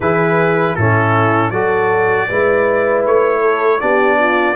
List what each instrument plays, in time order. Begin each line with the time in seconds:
0.00 tuba E3, trombone E4, horn G#4, trumpet B4
0.75 tuba A2, trombone C#4, horn E4, trumpet A4
1.50 tuba F#3, trombone F#4, horn A4, trumpet D5
2.28 tuba G#3, trombone E4, horn B4
3.05 tuba A3, trumpet C#5
3.40 horn A4
3.80 tuba B3, trombone D4, horn G4, trumpet D5
4.19 horn F4